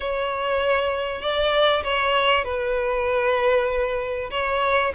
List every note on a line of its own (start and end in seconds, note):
0.00 1.21 C#5
1.21 1.83 D5
1.83 2.44 C#5
2.44 4.30 B4
4.30 4.92 C#5